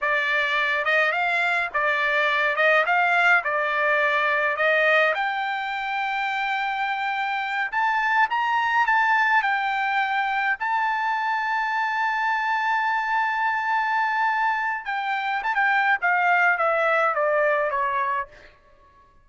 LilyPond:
\new Staff \with { instrumentName = "trumpet" } { \time 4/4 \tempo 4 = 105 d''4. dis''8 f''4 d''4~ | d''8 dis''8 f''4 d''2 | dis''4 g''2.~ | g''4. a''4 ais''4 a''8~ |
a''8 g''2 a''4.~ | a''1~ | a''2 g''4 a''16 g''8. | f''4 e''4 d''4 cis''4 | }